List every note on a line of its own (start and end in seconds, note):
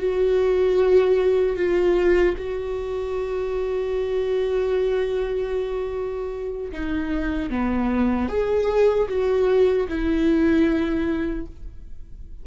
0.00 1.56 F#4
1.56 2.35 F4
2.38 6.72 F#4
6.72 7.50 D#4
7.50 8.29 B3
8.29 9.08 G#4
9.09 9.88 F#4
9.89 11.47 E4